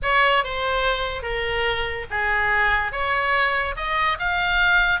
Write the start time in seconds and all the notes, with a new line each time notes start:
0.02 C#5
0.44 C5
1.22 A#4
2.10 G#4
2.92 C#5
3.76 D#5
4.19 F5